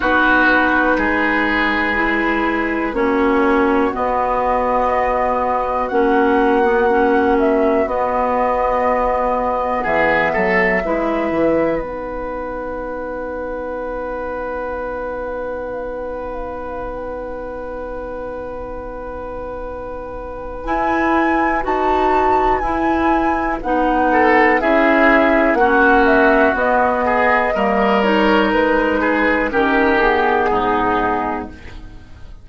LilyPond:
<<
  \new Staff \with { instrumentName = "flute" } { \time 4/4 \tempo 4 = 61 b'2. cis''4 | dis''2 fis''4. e''8 | dis''2 e''2 | fis''1~ |
fis''1~ | fis''4 gis''4 a''4 gis''4 | fis''4 e''4 fis''8 e''8 dis''4~ | dis''8 cis''8 b'4 ais'8 gis'4. | }
  \new Staff \with { instrumentName = "oboe" } { \time 4/4 fis'4 gis'2 fis'4~ | fis'1~ | fis'2 gis'8 a'8 b'4~ | b'1~ |
b'1~ | b'1~ | b'8 a'8 gis'4 fis'4. gis'8 | ais'4. gis'8 g'4 dis'4 | }
  \new Staff \with { instrumentName = "clarinet" } { \time 4/4 dis'2 e'4 cis'4 | b2 cis'8. b16 cis'4 | b2. e'4 | dis'1~ |
dis'1~ | dis'4 e'4 fis'4 e'4 | dis'4 e'4 cis'4 b4 | ais8 dis'4. cis'8 b4. | }
  \new Staff \with { instrumentName = "bassoon" } { \time 4/4 b4 gis2 ais4 | b2 ais2 | b2 e8 fis8 gis8 e8 | b1~ |
b1~ | b4 e'4 dis'4 e'4 | b4 cis'4 ais4 b4 | g4 gis4 dis4 gis,4 | }
>>